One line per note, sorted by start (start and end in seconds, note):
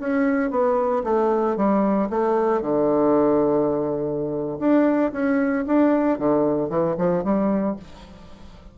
0.00 0.51 C#4
0.51 1.04 B3
1.04 1.57 A3
1.57 2.10 G3
2.10 2.62 A3
2.62 4.59 D3
4.60 5.12 D4
5.13 5.65 C#4
5.67 6.19 D4
6.19 6.70 D3
6.70 6.96 E3
6.98 7.24 F3
7.24 7.77 G3